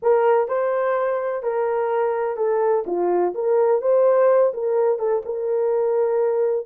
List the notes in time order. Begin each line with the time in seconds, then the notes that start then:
0.02 A#4
0.47 C5
1.42 A#4
2.37 A4
2.86 F4
3.34 A#4
3.81 C5
4.53 A#4
4.98 A4
5.25 A#4